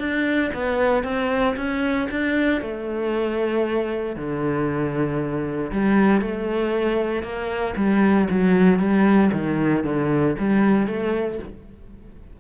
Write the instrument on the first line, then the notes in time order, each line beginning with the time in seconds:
cello
0.00 D4
0.54 B3
1.04 C4
1.57 C#4
2.11 D4
2.62 A3
4.16 D3
5.72 G3
6.22 A3
7.23 A#3
7.77 G3
8.31 F#3
8.80 G3
9.33 D#3
9.84 D3
10.39 G3
10.87 A3